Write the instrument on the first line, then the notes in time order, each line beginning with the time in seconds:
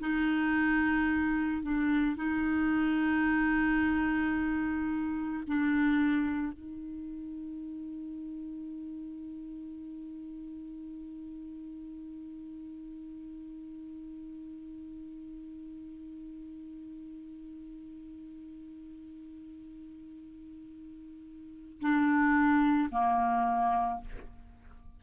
clarinet
0.00 D#4
1.63 D4
2.17 D#4
5.47 D4
6.53 D#4
21.81 D4
22.91 A#3